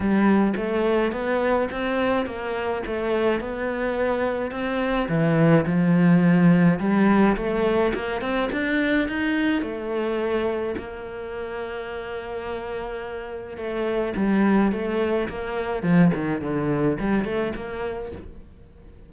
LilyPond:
\new Staff \with { instrumentName = "cello" } { \time 4/4 \tempo 4 = 106 g4 a4 b4 c'4 | ais4 a4 b2 | c'4 e4 f2 | g4 a4 ais8 c'8 d'4 |
dis'4 a2 ais4~ | ais1 | a4 g4 a4 ais4 | f8 dis8 d4 g8 a8 ais4 | }